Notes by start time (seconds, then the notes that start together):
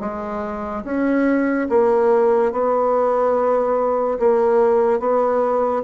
0.00 G#3
0.85 C#4
1.69 A#3
2.52 B3
4.19 A#3
5.00 B3